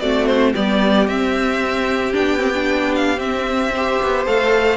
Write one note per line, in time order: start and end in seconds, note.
0.00 0.54 A3
0.00 0.54 C4
0.00 0.52 F#4
0.00 0.26 D5
0.26 0.52 C5
0.52 1.07 G3
0.52 1.08 B3
0.52 3.71 G4
0.52 1.07 D5
1.07 2.13 C4
1.07 2.13 E5
2.13 3.19 B3
2.13 2.39 D4
2.13 2.95 G5
2.39 2.52 C4
2.54 3.17 D4
2.95 3.19 F5
3.17 3.70 C4
3.17 3.98 C4
3.17 4.26 E5
3.74 4.26 G4
3.74 4.77 C5
4.02 4.25 B3
4.25 4.77 A3
4.25 4.77 A4
4.25 4.77 F5